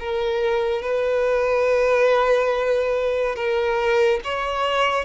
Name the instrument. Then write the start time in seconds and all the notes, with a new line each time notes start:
violin
0.00 A#4
0.82 B4
3.36 A#4
4.24 C#5